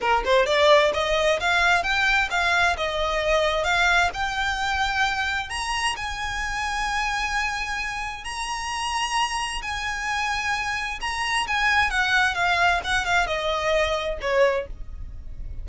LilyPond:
\new Staff \with { instrumentName = "violin" } { \time 4/4 \tempo 4 = 131 ais'8 c''8 d''4 dis''4 f''4 | g''4 f''4 dis''2 | f''4 g''2. | ais''4 gis''2.~ |
gis''2 ais''2~ | ais''4 gis''2. | ais''4 gis''4 fis''4 f''4 | fis''8 f''8 dis''2 cis''4 | }